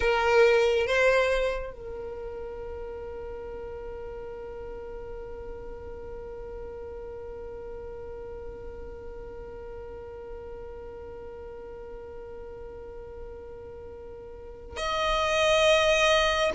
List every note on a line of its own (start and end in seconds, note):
0.00 0.87 A#4
0.87 1.73 C5
1.73 14.76 A#4
14.76 16.50 D#5